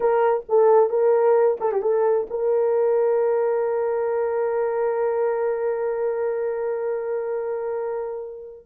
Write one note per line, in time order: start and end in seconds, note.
0.00 0.44 A#4
0.48 0.89 A4
0.89 1.57 A#4
1.60 1.71 A4
1.71 1.82 G4
1.82 2.27 A4
2.30 8.66 A#4